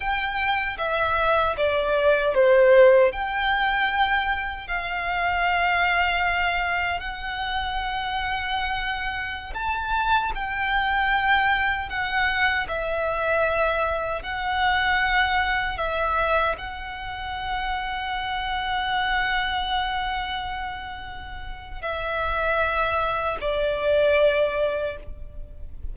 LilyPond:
\new Staff \with { instrumentName = "violin" } { \time 4/4 \tempo 4 = 77 g''4 e''4 d''4 c''4 | g''2 f''2~ | f''4 fis''2.~ | fis''16 a''4 g''2 fis''8.~ |
fis''16 e''2 fis''4.~ fis''16~ | fis''16 e''4 fis''2~ fis''8.~ | fis''1 | e''2 d''2 | }